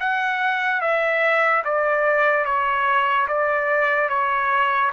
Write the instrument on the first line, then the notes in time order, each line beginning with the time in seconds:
trumpet
0.00 F#5
0.81 E5
1.65 D5
2.45 C#5
3.28 D5
4.09 C#5